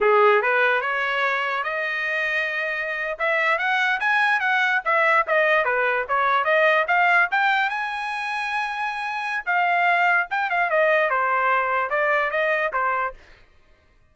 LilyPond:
\new Staff \with { instrumentName = "trumpet" } { \time 4/4 \tempo 4 = 146 gis'4 b'4 cis''2 | dis''2.~ dis''8. e''16~ | e''8. fis''4 gis''4 fis''4 e''16~ | e''8. dis''4 b'4 cis''4 dis''16~ |
dis''8. f''4 g''4 gis''4~ gis''16~ | gis''2. f''4~ | f''4 g''8 f''8 dis''4 c''4~ | c''4 d''4 dis''4 c''4 | }